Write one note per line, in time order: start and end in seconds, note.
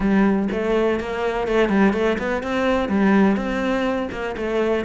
0.00 0.48 G3
0.51 0.99 A3
0.99 1.47 A#3
1.47 1.68 A3
1.68 1.93 G3
1.93 2.17 A3
2.18 2.42 B3
2.42 2.88 C4
2.88 3.36 G3
3.36 4.09 C4
4.11 4.35 A#3
4.36 4.85 A3